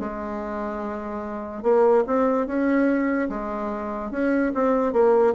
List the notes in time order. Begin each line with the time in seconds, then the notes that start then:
0.00 G#3
1.63 A#3
2.07 C4
2.47 C#4
3.30 G#3
4.12 C#4
4.55 C4
4.93 A#3